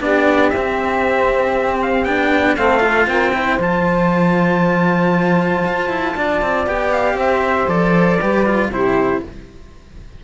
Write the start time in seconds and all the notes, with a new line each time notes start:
0.00 B3 D4 G4 D5
0.50 C4 E5
0.57 C4
1.82 F5
2.05 B3 D4 G5
2.57 A3 C4 A4 F5
2.80 F4
3.07 C4 A#4 G5
3.34 E4 C5
3.59 F3 F4 A5
5.65 F4
5.89 E4
6.16 D4 D5
6.42 C4
6.67 B3 G4 G5
6.93 F5
7.14 C4 C5 E5
7.68 F3 A4 D5
8.19 G3 G4 B4
8.46 F4
8.69 C3 E4 G4 C5